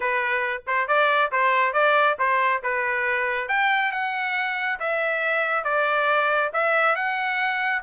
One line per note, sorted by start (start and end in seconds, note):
0.00 0.62 B4
0.66 0.87 C5
0.87 1.31 D5
1.31 1.73 C5
1.73 2.16 D5
2.19 2.62 C5
2.62 3.48 B4
3.48 3.92 G5
3.92 4.79 F#5
4.79 5.64 E5
5.64 6.51 D5
6.53 6.95 E5
6.95 7.82 F#5